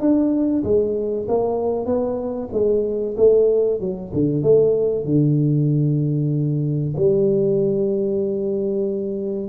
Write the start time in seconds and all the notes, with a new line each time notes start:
0.00 D4
0.64 G#3
1.28 A#3
1.86 B3
2.53 G#3
3.17 A3
3.80 F#3
4.13 D3
4.43 A3
5.05 D3
6.97 G3